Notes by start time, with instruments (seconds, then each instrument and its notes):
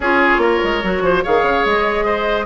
0.00 bassoon C#4, clarinet F4, oboe G#4, flute C#5
0.37 bassoon A#3, oboe A#4
0.63 bassoon G#3
0.83 bassoon F#3, clarinet F#4
1.01 bassoon F3, oboe C5
1.23 bassoon D#3, clarinet G#4, oboe C#5, flute F5
1.42 bassoon C#3
1.65 bassoon G#3, flute D#5
2.05 oboe C5